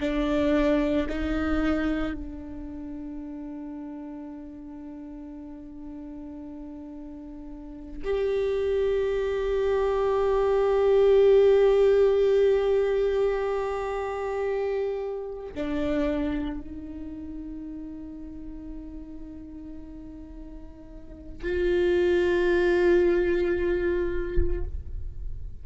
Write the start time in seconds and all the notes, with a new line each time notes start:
0.00 D4
1.09 D#4
2.14 D4
8.04 G4
15.54 D4
16.61 D#4
21.42 F4